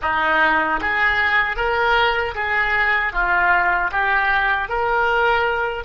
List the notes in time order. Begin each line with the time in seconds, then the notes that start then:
0.02 D#4
0.81 G#4
1.56 A#4
2.34 G#4
3.12 F4
3.91 G4
4.69 A#4